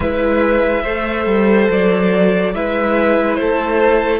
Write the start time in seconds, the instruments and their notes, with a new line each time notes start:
0.00 cello G#3, viola E4, violin B4 E5
0.82 cello A3, viola A4, violin C5
1.26 cello G3
1.69 cello F#3, violin D5
2.54 cello G#3, viola E4, violin B4 E5
3.34 cello A3, violin A4 C5